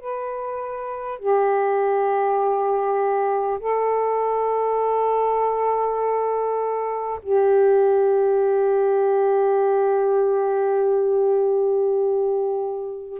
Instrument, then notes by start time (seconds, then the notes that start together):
saxophone
0.00 B4
1.19 G4
3.60 A4
7.23 G4